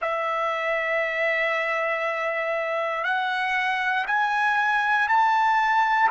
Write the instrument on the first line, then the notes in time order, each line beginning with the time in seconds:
trumpet
0.01 E5
3.04 F#5
4.06 G#5
5.08 A5